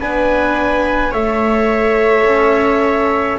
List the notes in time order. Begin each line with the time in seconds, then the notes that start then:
0.00 B3 D4 B4 G#5
1.12 A3 A4 C#5 E5
2.24 C#4